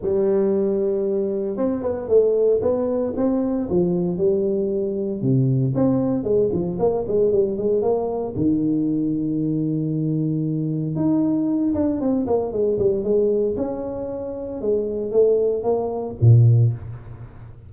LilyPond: \new Staff \with { instrumentName = "tuba" } { \time 4/4 \tempo 4 = 115 g2. c'8 b8 | a4 b4 c'4 f4 | g2 c4 c'4 | gis8 f8 ais8 gis8 g8 gis8 ais4 |
dis1~ | dis4 dis'4. d'8 c'8 ais8 | gis8 g8 gis4 cis'2 | gis4 a4 ais4 ais,4 | }